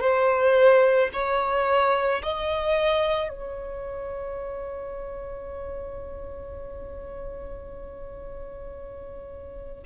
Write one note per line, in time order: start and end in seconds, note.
0.00 1.09 C5
1.13 2.22 C#5
2.22 3.29 D#5
3.29 9.83 C#5